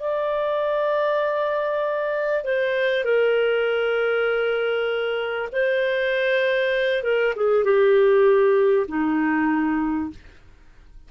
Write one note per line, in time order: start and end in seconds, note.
0.00 2.44 D5
2.44 3.04 C5
3.04 5.49 A#4
5.53 7.04 C5
7.04 7.34 A#4
7.36 7.65 G#4
7.65 8.87 G4
8.88 10.11 D#4